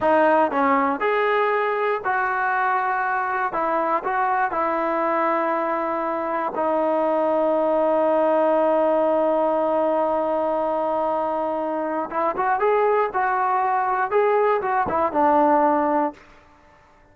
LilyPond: \new Staff \with { instrumentName = "trombone" } { \time 4/4 \tempo 4 = 119 dis'4 cis'4 gis'2 | fis'2. e'4 | fis'4 e'2.~ | e'4 dis'2.~ |
dis'1~ | dis'1 | e'8 fis'8 gis'4 fis'2 | gis'4 fis'8 e'8 d'2 | }